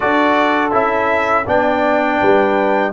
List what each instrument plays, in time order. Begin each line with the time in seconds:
0.00 tuba D4, trombone F#4, horn A4, trumpet D5
0.71 tuba C#4, trombone E4, trumpet E5
1.45 tuba B3, trombone D4, horn D5, trumpet G5
2.20 tuba G3, horn B4